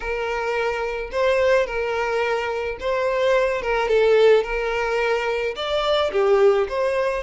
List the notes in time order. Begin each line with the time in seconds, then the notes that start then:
0.00 A#4
1.11 C5
1.66 A#4
2.80 C5
3.61 A#4
3.88 A4
4.43 A#4
5.56 D5
6.12 G4
6.68 C5